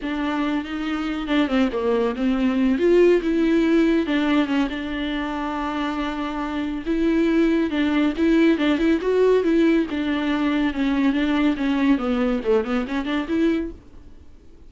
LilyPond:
\new Staff \with { instrumentName = "viola" } { \time 4/4 \tempo 4 = 140 d'4. dis'4. d'8 c'8 | ais4 c'4. f'4 e'8~ | e'4. d'4 cis'8 d'4~ | d'1 |
e'2 d'4 e'4 | d'8 e'8 fis'4 e'4 d'4~ | d'4 cis'4 d'4 cis'4 | b4 a8 b8 cis'8 d'8 e'4 | }